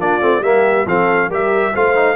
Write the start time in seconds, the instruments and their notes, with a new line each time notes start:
0.00 tuba A#3, trombone D4, horn F4, trumpet D5
0.21 tuba A3, trombone C4
0.41 tuba G3, trombone A#3, horn G4, trumpet E5
0.86 tuba F3, trombone C4, horn A4, trumpet F5
1.30 tuba G3, trombone G4, horn A#4, trumpet E5
1.74 tuba A3, trombone F4, horn C5, trumpet F5
1.96 trombone D#4